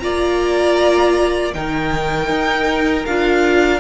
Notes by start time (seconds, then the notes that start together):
0.00 A#3 F4 D5 A#5
1.54 D#3 D#4 A#4 G5
2.30 D#4
3.06 D4 F4 F5